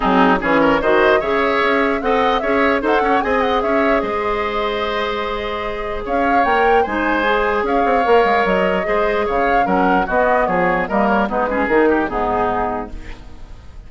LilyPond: <<
  \new Staff \with { instrumentName = "flute" } { \time 4/4 \tempo 4 = 149 gis'4 cis''4 dis''4 e''4~ | e''4 fis''4 e''4 fis''4 | gis''8 fis''8 e''4 dis''2~ | dis''2. f''4 |
g''4 gis''2 f''4~ | f''4 dis''2 f''4 | fis''4 dis''4 cis''4 dis''8 cis''8 | b'4 ais'4 gis'2 | }
  \new Staff \with { instrumentName = "oboe" } { \time 4/4 dis'4 gis'8 ais'8 c''4 cis''4~ | cis''4 dis''4 cis''4 c''8 cis''8 | dis''4 cis''4 c''2~ | c''2. cis''4~ |
cis''4 c''2 cis''4~ | cis''2 c''4 cis''4 | ais'4 fis'4 gis'4 ais'4 | dis'8 gis'4 g'8 dis'2 | }
  \new Staff \with { instrumentName = "clarinet" } { \time 4/4 c'4 cis'4 fis'4 gis'4~ | gis'4 a'4 gis'4 a'4 | gis'1~ | gis'1 |
ais'4 dis'4 gis'2 | ais'2 gis'2 | cis'4 b2 ais4 | b8 cis'8 dis'4 b2 | }
  \new Staff \with { instrumentName = "bassoon" } { \time 4/4 fis4 e4 dis4 cis4 | cis'4 c'4 cis'4 dis'8 cis'8 | c'4 cis'4 gis2~ | gis2. cis'4 |
ais4 gis2 cis'8 c'8 | ais8 gis8 fis4 gis4 cis4 | fis4 b4 f4 g4 | gis4 dis4 gis,2 | }
>>